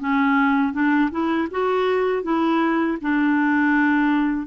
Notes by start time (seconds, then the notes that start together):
0.00 C#4
0.73 D4
1.11 E4
1.51 F#4
2.23 E4
3.02 D4